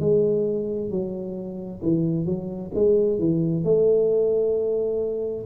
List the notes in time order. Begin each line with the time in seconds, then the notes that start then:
0.00 G#3
0.90 F#3
1.82 E3
2.26 F#3
2.74 G#3
3.19 E3
3.64 A3